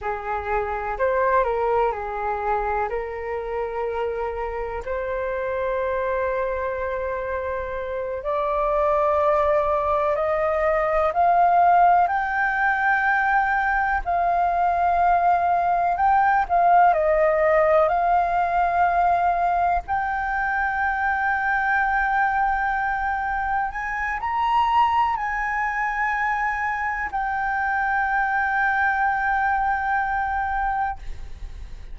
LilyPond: \new Staff \with { instrumentName = "flute" } { \time 4/4 \tempo 4 = 62 gis'4 c''8 ais'8 gis'4 ais'4~ | ais'4 c''2.~ | c''8 d''2 dis''4 f''8~ | f''8 g''2 f''4.~ |
f''8 g''8 f''8 dis''4 f''4.~ | f''8 g''2.~ g''8~ | g''8 gis''8 ais''4 gis''2 | g''1 | }